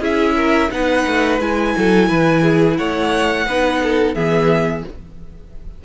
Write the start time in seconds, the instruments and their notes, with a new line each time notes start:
0.00 cello C#4, viola E4, violin G#4 E5
0.35 violin A#4
0.70 cello B3, viola D#4, violin B4 F#5
1.06 cello A3
1.40 cello G#3, viola E4, violin G#5
1.77 cello F#3, violin A4
2.08 cello E3, violin B4
2.42 violin G#4
2.77 cello A3, violin C#5 F#5
3.46 cello B3, viola D#4, violin B4
3.83 violin A4
4.14 cello E3, viola B3, violin G#4 E5